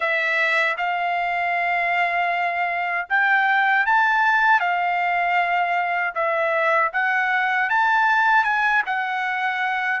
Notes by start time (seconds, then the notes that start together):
0.00 E5
0.77 F5
3.09 G5
3.86 A5
4.60 F5
6.14 E5
6.92 F#5
7.69 A5
8.44 G#5
8.85 F#5